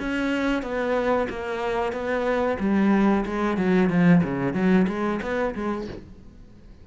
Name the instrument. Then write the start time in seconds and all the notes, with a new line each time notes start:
cello
0.00 C#4
0.63 B3
1.30 A#3
1.93 B3
2.60 G3
3.26 G#3
3.58 F#3
3.90 F3
4.24 C#3
4.54 F#3
4.88 G#3
5.22 B3
5.55 G#3